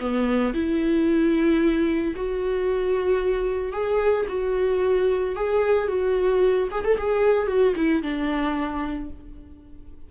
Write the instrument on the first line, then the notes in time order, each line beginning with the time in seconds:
viola
0.00 B3
0.54 E4
2.16 F#4
3.73 G#4
4.29 F#4
5.36 G#4
5.89 F#4
6.72 G#4
6.85 A4
6.98 G#4
7.48 F#4
7.76 E4
8.03 D4